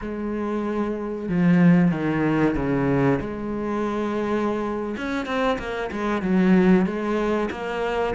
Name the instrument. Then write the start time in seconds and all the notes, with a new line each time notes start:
cello
0.01 G#3
1.29 F3
1.91 D#3
2.55 C#3
3.20 G#3
4.97 C#4
5.26 C4
5.58 A#3
5.91 G#3
6.22 F#3
6.86 G#3
7.51 A#3